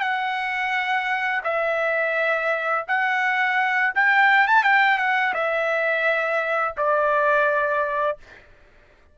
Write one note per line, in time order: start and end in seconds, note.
0.00 1.41 F#5
1.43 2.85 E5
2.87 3.93 F#5
3.95 4.47 G5
4.47 4.63 A5
4.63 4.98 G5
4.98 5.33 F#5
5.34 6.75 E5
6.77 8.18 D5